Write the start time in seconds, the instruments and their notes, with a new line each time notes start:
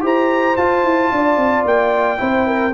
0.00 tuba E4, trombone G4, horn C5, trumpet A#5
0.56 tuba F4, trombone F4, trumpet A5
0.84 tuba E4
1.11 tuba D4, horn D5
1.37 tuba C4
1.65 tuba A#3, trumpet G5
2.17 tuba C4, trombone E4, horn C5
2.46 horn A#4